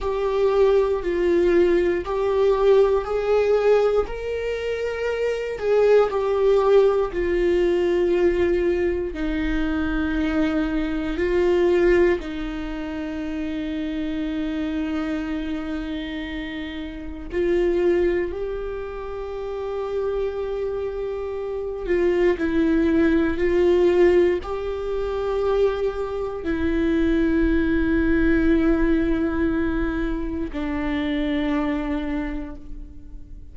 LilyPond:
\new Staff \with { instrumentName = "viola" } { \time 4/4 \tempo 4 = 59 g'4 f'4 g'4 gis'4 | ais'4. gis'8 g'4 f'4~ | f'4 dis'2 f'4 | dis'1~ |
dis'4 f'4 g'2~ | g'4. f'8 e'4 f'4 | g'2 e'2~ | e'2 d'2 | }